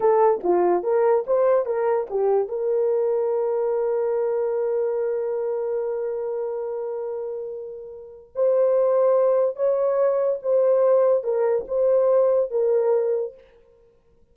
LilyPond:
\new Staff \with { instrumentName = "horn" } { \time 4/4 \tempo 4 = 144 a'4 f'4 ais'4 c''4 | ais'4 g'4 ais'2~ | ais'1~ | ais'1~ |
ais'1 | c''2. cis''4~ | cis''4 c''2 ais'4 | c''2 ais'2 | }